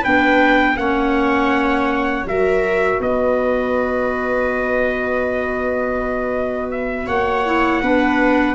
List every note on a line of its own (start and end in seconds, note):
0.00 0.77 D4
0.00 0.74 B4
0.00 0.77 G5
0.06 0.77 B3
0.77 2.25 A#3
0.77 2.25 C#4
0.77 2.28 C#5
0.77 2.25 F#5
2.25 2.99 F#3
2.25 7.44 F#4
2.25 3.03 A#4
2.25 3.01 E5
3.00 7.07 B3
3.00 7.06 B4
3.00 6.71 D#5
6.71 7.08 E5
7.06 7.82 A#3
7.06 7.80 C#5
7.06 8.55 F#5
7.46 7.82 E4
7.82 8.55 B3
7.82 8.55 D4
7.82 8.55 B4